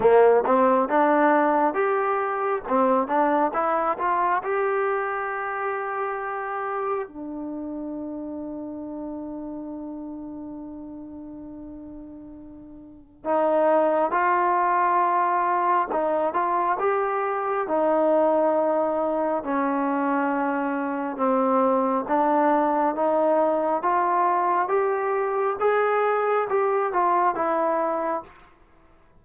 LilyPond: \new Staff \with { instrumentName = "trombone" } { \time 4/4 \tempo 4 = 68 ais8 c'8 d'4 g'4 c'8 d'8 | e'8 f'8 g'2. | d'1~ | d'2. dis'4 |
f'2 dis'8 f'8 g'4 | dis'2 cis'2 | c'4 d'4 dis'4 f'4 | g'4 gis'4 g'8 f'8 e'4 | }